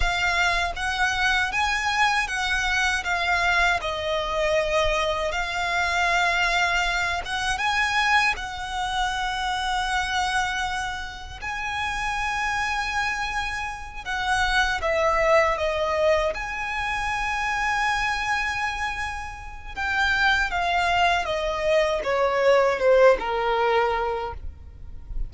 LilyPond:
\new Staff \with { instrumentName = "violin" } { \time 4/4 \tempo 4 = 79 f''4 fis''4 gis''4 fis''4 | f''4 dis''2 f''4~ | f''4. fis''8 gis''4 fis''4~ | fis''2. gis''4~ |
gis''2~ gis''8 fis''4 e''8~ | e''8 dis''4 gis''2~ gis''8~ | gis''2 g''4 f''4 | dis''4 cis''4 c''8 ais'4. | }